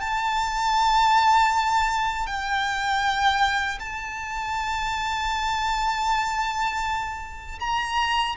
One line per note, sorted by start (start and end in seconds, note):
0.00 2.26 A5
2.26 3.78 G5
3.79 7.58 A5
7.59 8.35 A#5